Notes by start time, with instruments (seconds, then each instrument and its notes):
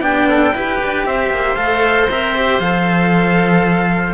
0.00 cello B3 D4, oboe G4, trumpet G5
0.28 oboe A4
0.53 cello E4 G4, oboe B4
0.84 cello D4
1.06 cello C4, oboe C5, trumpet E5
1.30 cello A#3
1.56 cello A3 A4, trumpet F5
2.10 cello C4 A#4, trumpet E5
2.35 cello G4
2.59 cello F3 A4, trumpet F5